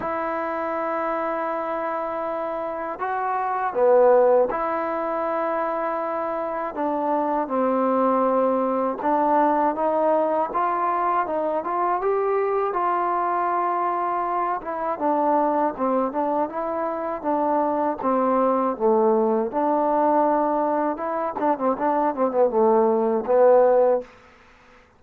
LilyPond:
\new Staff \with { instrumentName = "trombone" } { \time 4/4 \tempo 4 = 80 e'1 | fis'4 b4 e'2~ | e'4 d'4 c'2 | d'4 dis'4 f'4 dis'8 f'8 |
g'4 f'2~ f'8 e'8 | d'4 c'8 d'8 e'4 d'4 | c'4 a4 d'2 | e'8 d'16 c'16 d'8 c'16 b16 a4 b4 | }